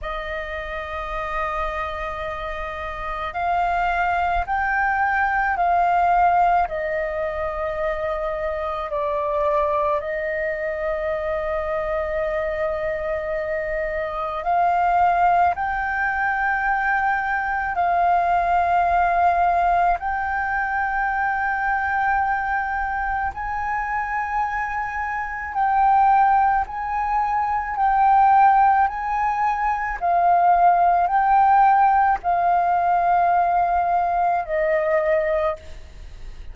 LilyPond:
\new Staff \with { instrumentName = "flute" } { \time 4/4 \tempo 4 = 54 dis''2. f''4 | g''4 f''4 dis''2 | d''4 dis''2.~ | dis''4 f''4 g''2 |
f''2 g''2~ | g''4 gis''2 g''4 | gis''4 g''4 gis''4 f''4 | g''4 f''2 dis''4 | }